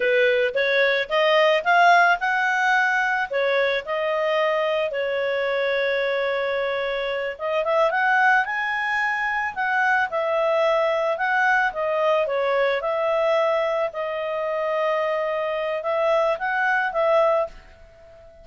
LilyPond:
\new Staff \with { instrumentName = "clarinet" } { \time 4/4 \tempo 4 = 110 b'4 cis''4 dis''4 f''4 | fis''2 cis''4 dis''4~ | dis''4 cis''2.~ | cis''4. dis''8 e''8 fis''4 gis''8~ |
gis''4. fis''4 e''4.~ | e''8 fis''4 dis''4 cis''4 e''8~ | e''4. dis''2~ dis''8~ | dis''4 e''4 fis''4 e''4 | }